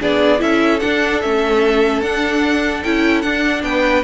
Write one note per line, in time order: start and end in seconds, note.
0.00 0.41 B3
0.00 0.38 D4
0.00 0.41 G#4
0.00 0.41 D5
0.38 0.82 C#4
0.38 0.78 E4
0.38 3.65 A4
0.38 0.80 E5
0.80 1.22 D4
0.80 1.24 D4
0.80 1.20 F#5
1.21 2.01 A3
1.21 2.03 C#4
1.21 2.02 E5
2.01 2.83 D4
2.01 2.85 D4
2.01 2.83 F#5
2.83 3.23 C#4
2.83 3.23 E4
2.83 3.22 G5
3.22 4.04 D4
3.22 3.63 D4
3.22 3.62 F#5
3.63 4.04 B3
3.63 4.04 B4
3.63 4.04 G5